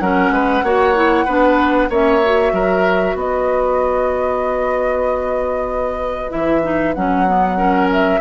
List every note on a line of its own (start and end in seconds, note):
0.00 0.30 F#3
0.00 0.64 C#4
0.00 0.33 A#4
0.00 1.90 F#5
0.30 0.62 G#3
0.30 0.64 B4
0.63 1.26 A#3
0.63 0.95 F#4
0.63 1.25 C#5
0.95 1.26 E4
1.25 1.90 B3
1.25 1.91 D4
1.25 1.89 B4
1.89 2.53 A#3
1.89 2.22 C#4
1.89 2.53 C#5
1.89 3.18 E5
2.22 6.30 F#4
2.53 3.14 F#3
2.53 3.16 A#4
3.14 6.30 B3
3.14 7.57 B4
3.14 6.31 D#5
6.30 6.96 E3
6.30 6.61 E4
6.30 6.94 E5
6.63 6.94 D#4
6.94 8.21 F#3
6.94 7.27 C#4
6.94 7.89 F#5
7.27 7.57 B3
7.57 8.20 C#4
7.57 8.20 A#4
7.92 8.21 E5